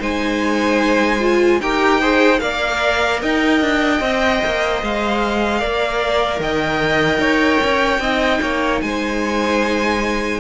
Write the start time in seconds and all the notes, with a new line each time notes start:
0.00 G#3 D#4 C5 G#5
1.20 F4
1.60 D#4 G4 A#4 G5
2.01 G#4 C5
2.39 A#3 A#4 D5 F5
3.23 D#4 D#5 G5
3.61 D4
4.00 C4 C5
4.46 A#3
4.82 G#3 F5
5.60 A#3 A#4 D5
6.40 D#3 D#5 G5
7.19 D#4 C#5
7.64 C#4
8.00 C4 D#4 D#5
8.42 A#3 C#5
8.82 G#3 C5 G#5